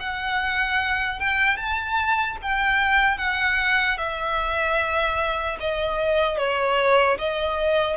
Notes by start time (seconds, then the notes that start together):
0.00 F#5
1.20 G5
1.57 A5
2.43 G5
3.18 F#5
3.98 E5
5.61 D#5
6.38 C#5
7.19 D#5